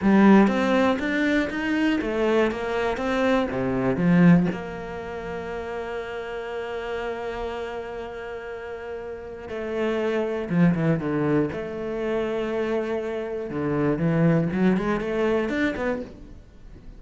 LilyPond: \new Staff \with { instrumentName = "cello" } { \time 4/4 \tempo 4 = 120 g4 c'4 d'4 dis'4 | a4 ais4 c'4 c4 | f4 ais2.~ | ais1~ |
ais2. a4~ | a4 f8 e8 d4 a4~ | a2. d4 | e4 fis8 gis8 a4 d'8 b8 | }